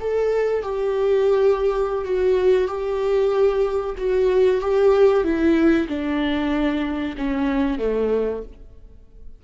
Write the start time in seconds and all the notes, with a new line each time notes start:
0.00 A4
0.62 G4
2.04 F#4
2.68 G4
3.97 F#4
4.61 G4
5.23 E4
5.88 D4
7.17 C#4
7.78 A3